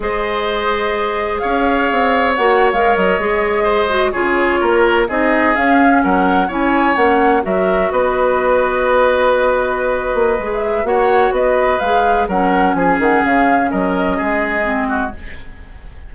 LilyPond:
<<
  \new Staff \with { instrumentName = "flute" } { \time 4/4 \tempo 4 = 127 dis''2. f''4~ | f''4 fis''8. f''8 dis''4.~ dis''16~ | dis''8. cis''2 dis''4 f''16~ | f''8. fis''4 gis''4 fis''4 e''16~ |
e''8. dis''2.~ dis''16~ | dis''2~ dis''16 e''8. fis''4 | dis''4 f''4 fis''4 gis''8 fis''8 | f''4 dis''2. | }
  \new Staff \with { instrumentName = "oboe" } { \time 4/4 c''2. cis''4~ | cis''2.~ cis''8. c''16~ | c''8. gis'4 ais'4 gis'4~ gis'16~ | gis'8. ais'4 cis''2 ais'16~ |
ais'8. b'2.~ b'16~ | b'2. cis''4 | b'2 ais'4 gis'4~ | gis'4 ais'4 gis'4. fis'8 | }
  \new Staff \with { instrumentName = "clarinet" } { \time 4/4 gis'1~ | gis'4 fis'8. ais'4 gis'4~ gis'16~ | gis'16 fis'8 f'2 dis'4 cis'16~ | cis'4.~ cis'16 e'4 cis'4 fis'16~ |
fis'1~ | fis'2 gis'4 fis'4~ | fis'4 gis'4 cis'2~ | cis'2. c'4 | }
  \new Staff \with { instrumentName = "bassoon" } { \time 4/4 gis2. cis'4 | c'4 ais8. gis8 fis8 gis4~ gis16~ | gis8. cis4 ais4 c'4 cis'16~ | cis'8. fis4 cis'4 ais4 fis16~ |
fis8. b2.~ b16~ | b4. ais8 gis4 ais4 | b4 gis4 fis4 f8 dis8 | cis4 fis4 gis2 | }
>>